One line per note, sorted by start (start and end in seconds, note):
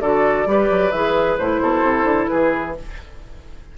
0.00 0.45 D3
0.00 0.46 F#4
0.00 0.47 A4
0.00 0.91 D5
0.46 0.69 G3
0.46 0.92 G4
0.46 1.62 B4
0.70 0.92 F#3
0.91 1.37 E3
0.91 1.39 G#4
0.91 1.36 E5
1.37 1.61 A2
1.37 2.77 E4
1.37 2.27 C5
1.61 1.83 B2
1.61 2.30 A4
1.83 2.04 C3
2.04 2.27 D3
2.27 2.77 E3
2.27 2.76 G#4
2.27 2.72 B4